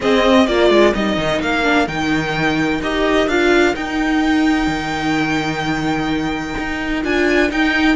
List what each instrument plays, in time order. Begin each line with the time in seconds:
0.00 viola C4, cello C4, violin G#4 D#5
0.46 cello A#3, viola F4, violin A#4 D5
0.70 cello G#3
0.94 cello G3, viola D#4, violin D#5
1.17 cello D#3
1.40 cello A#3, violin F5
1.63 viola D4
1.87 cello D#3, viola D#4, violin G5
2.80 cello D#4, viola G4, violin D#5
3.27 cello D4, viola F4, violin F5
3.75 viola D#4, cello D#4, violin G5
4.67 cello D#3
6.58 cello D#4
7.03 cello D4, viola F4, violin G#5
7.49 viola D#4, cello D#4, violin G5